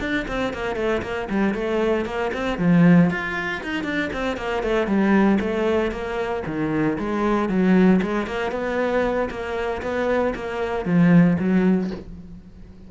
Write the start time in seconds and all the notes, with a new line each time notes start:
0.00 D4
0.28 C4
0.54 A#3
0.76 A3
1.02 A#3
1.30 G3
1.54 A3
2.05 A#3
2.33 C4
2.59 F3
3.10 F4
3.63 D#4
3.84 D4
4.13 C4
4.37 A#3
4.63 A3
4.87 G3
5.40 A3
5.91 A#3
6.46 D#3
6.99 G#3
7.49 F#3
8.02 G#3
8.27 A#3
8.52 B3
9.30 A#3
9.82 B3
10.35 A#3
10.85 F3
11.39 F#3